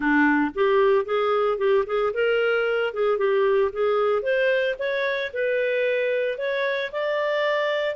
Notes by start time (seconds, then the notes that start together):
0.00 D4
0.55 G4
1.05 G#4
1.58 G4
1.86 G#4
2.13 A#4
2.93 G#4
3.18 G4
3.72 G#4
4.22 C5
4.78 C#5
5.33 B4
6.37 C#5
6.91 D5